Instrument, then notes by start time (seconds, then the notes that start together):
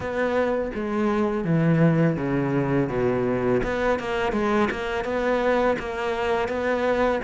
cello
0.00 B3
0.74 G#3
1.44 E3
2.17 C#3
2.89 B2
3.63 B3
3.99 A#3
4.32 G#3
4.71 A#3
5.04 B3
5.78 A#3
6.48 B3